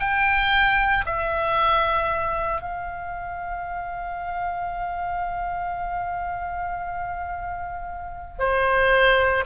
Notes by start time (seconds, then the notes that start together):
0.00 G5
1.06 E5
2.62 F5
8.39 C5